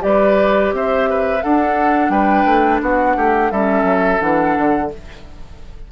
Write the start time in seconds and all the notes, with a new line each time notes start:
0.00 G3 G4 B4 D5
0.73 C4 C5 E5
1.10 B4
1.43 D4 A4 F#5
2.10 G3 B4 G5
2.46 A3
2.81 B3 F#4 F#5
3.17 A3 G4
3.51 G3 C#4 A4 E5
3.84 F#3
4.19 E3 D4 F#5
4.57 D3